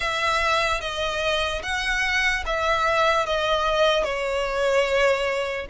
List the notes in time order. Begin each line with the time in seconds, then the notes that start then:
0.00 E5
0.80 D#5
1.62 F#5
2.45 E5
3.25 D#5
4.04 C#5